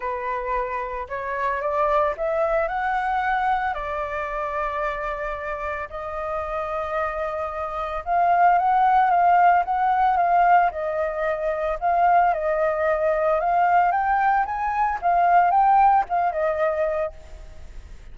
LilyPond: \new Staff \with { instrumentName = "flute" } { \time 4/4 \tempo 4 = 112 b'2 cis''4 d''4 | e''4 fis''2 d''4~ | d''2. dis''4~ | dis''2. f''4 |
fis''4 f''4 fis''4 f''4 | dis''2 f''4 dis''4~ | dis''4 f''4 g''4 gis''4 | f''4 g''4 f''8 dis''4. | }